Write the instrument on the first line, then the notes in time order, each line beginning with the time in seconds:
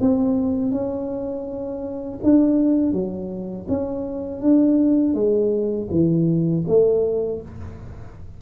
tuba
0.00 C4
0.71 C#4
2.23 D4
2.92 F#3
3.68 C#4
4.40 D4
5.14 G#3
5.90 E3
6.67 A3